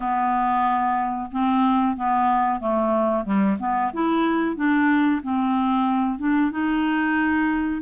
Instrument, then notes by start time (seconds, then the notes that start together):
clarinet
0.00 B3
1.31 C4
1.96 B3
2.60 A3
3.25 G3
3.59 B3
3.93 E4
4.55 D4
5.22 C4
6.18 D4
6.51 D#4